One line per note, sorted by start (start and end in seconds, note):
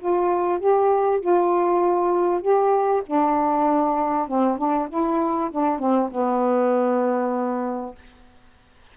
0.00 0.60 F4
0.60 1.21 G4
1.21 2.42 F4
2.42 3.03 G4
3.07 4.28 D4
4.28 4.58 C4
4.58 4.89 D4
4.90 5.51 E4
5.52 5.80 D4
5.80 6.10 C4
6.12 7.96 B3